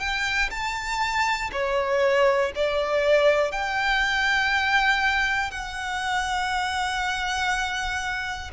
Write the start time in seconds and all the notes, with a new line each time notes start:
0.00 G5
0.50 A5
1.52 C#5
2.55 D5
3.52 G5
5.51 F#5